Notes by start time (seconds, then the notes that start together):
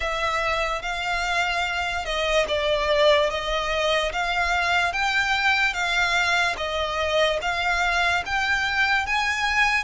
0.00 E5
0.81 F5
2.05 D#5
2.48 D5
3.30 D#5
4.12 F5
4.92 G5
5.73 F5
6.57 D#5
7.41 F5
8.25 G5
9.06 G#5